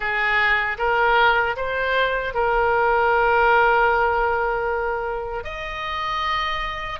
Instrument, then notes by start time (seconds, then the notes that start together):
oboe
0.00 G#4
0.78 A#4
1.56 C5
2.34 A#4
5.44 D#5